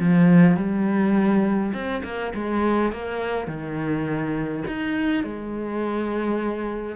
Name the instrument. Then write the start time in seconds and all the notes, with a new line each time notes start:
cello
0.00 F3
0.57 G3
1.74 C4
2.04 A#3
2.35 G#3
2.93 A#3
3.48 D#3
4.68 D#4
5.24 G#3